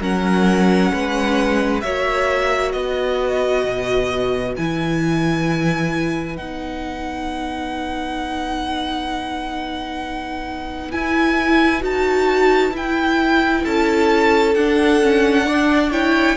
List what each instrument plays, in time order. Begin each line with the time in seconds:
0.00 cello F#3, viola C#4, violin A#4 F#5
0.92 cello G#3, violin B4
1.80 cello A#3, viola F#4, violin C#5 E5
2.72 cello B3, violin B4 D#5
3.64 cello B2
4.56 cello E3, viola E4, violin G#5
6.36 cello B3, viola D#4, violin F#5
10.91 viola E4, cello E4, violin G#5
11.80 cello D#4, viola F#4, violin A5
12.71 cello E4, viola E4, violin G5
13.64 cello C#4, violin A4 A5
14.55 cello D4, viola D4, violin F#5
15.02 viola C#4
15.45 viola D4, violin D5
15.91 viola E4, violin C#5 G5